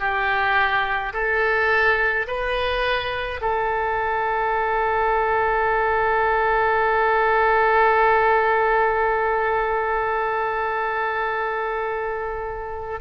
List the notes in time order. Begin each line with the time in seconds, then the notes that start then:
0.00 G4
1.13 A4
2.27 B4
3.42 A4